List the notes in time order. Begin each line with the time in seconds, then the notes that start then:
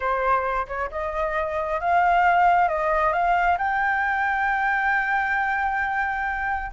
0.00 C5
0.67 C#5
0.91 D#5
1.80 F5
2.68 D#5
3.12 F5
3.58 G5